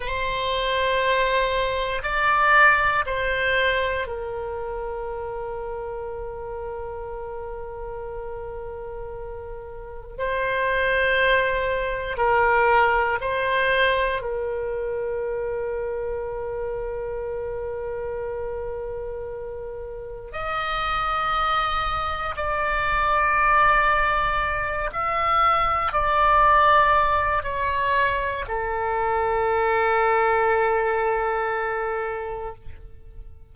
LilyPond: \new Staff \with { instrumentName = "oboe" } { \time 4/4 \tempo 4 = 59 c''2 d''4 c''4 | ais'1~ | ais'2 c''2 | ais'4 c''4 ais'2~ |
ais'1 | dis''2 d''2~ | d''8 e''4 d''4. cis''4 | a'1 | }